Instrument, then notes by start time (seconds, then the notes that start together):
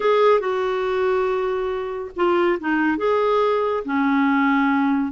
clarinet
0.00 G#4
0.40 F#4
2.16 F4
2.59 D#4
2.97 G#4
3.85 C#4